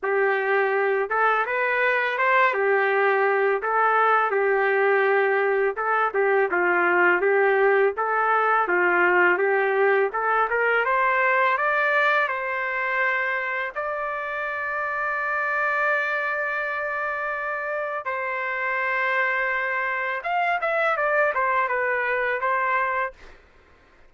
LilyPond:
\new Staff \with { instrumentName = "trumpet" } { \time 4/4 \tempo 4 = 83 g'4. a'8 b'4 c''8 g'8~ | g'4 a'4 g'2 | a'8 g'8 f'4 g'4 a'4 | f'4 g'4 a'8 ais'8 c''4 |
d''4 c''2 d''4~ | d''1~ | d''4 c''2. | f''8 e''8 d''8 c''8 b'4 c''4 | }